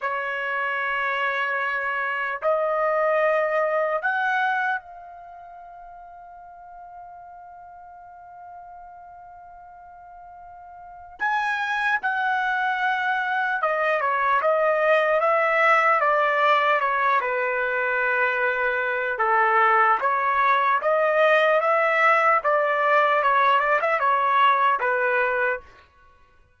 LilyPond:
\new Staff \with { instrumentName = "trumpet" } { \time 4/4 \tempo 4 = 75 cis''2. dis''4~ | dis''4 fis''4 f''2~ | f''1~ | f''2 gis''4 fis''4~ |
fis''4 dis''8 cis''8 dis''4 e''4 | d''4 cis''8 b'2~ b'8 | a'4 cis''4 dis''4 e''4 | d''4 cis''8 d''16 e''16 cis''4 b'4 | }